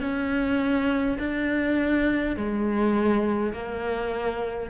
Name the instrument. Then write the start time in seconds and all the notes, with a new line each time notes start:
cello
0.00 C#4
1.19 D4
2.36 G#3
3.53 A#3